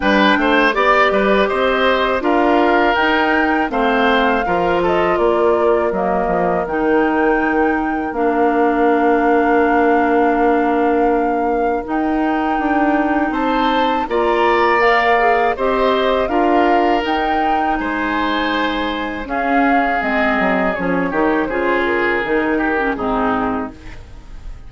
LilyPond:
<<
  \new Staff \with { instrumentName = "flute" } { \time 4/4 \tempo 4 = 81 g''4 d''4 dis''4 f''4 | g''4 f''4. dis''8 d''4 | dis''4 g''2 f''4~ | f''1 |
g''2 a''4 ais''4 | f''4 dis''4 f''4 g''4 | gis''2 f''4 dis''4 | cis''4 c''8 ais'4. gis'4 | }
  \new Staff \with { instrumentName = "oboe" } { \time 4/4 b'8 c''8 d''8 b'8 c''4 ais'4~ | ais'4 c''4 ais'8 a'8 ais'4~ | ais'1~ | ais'1~ |
ais'2 c''4 d''4~ | d''4 c''4 ais'2 | c''2 gis'2~ | gis'8 g'8 gis'4. g'8 dis'4 | }
  \new Staff \with { instrumentName = "clarinet" } { \time 4/4 d'4 g'2 f'4 | dis'4 c'4 f'2 | ais4 dis'2 d'4~ | d'1 |
dis'2. f'4 | ais'8 gis'8 g'4 f'4 dis'4~ | dis'2 cis'4 c'4 | cis'8 dis'8 f'4 dis'8. cis'16 c'4 | }
  \new Staff \with { instrumentName = "bassoon" } { \time 4/4 g8 a8 b8 g8 c'4 d'4 | dis'4 a4 f4 ais4 | fis8 f8 dis2 ais4~ | ais1 |
dis'4 d'4 c'4 ais4~ | ais4 c'4 d'4 dis'4 | gis2 cis'4 gis8 fis8 | f8 dis8 cis4 dis4 gis,4 | }
>>